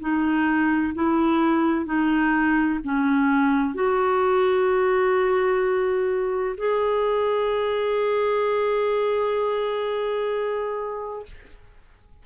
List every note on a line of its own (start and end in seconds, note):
0.00 0.94 D#4
0.95 1.86 E4
1.86 2.80 D#4
2.84 3.75 C#4
3.75 6.56 F#4
6.57 11.26 G#4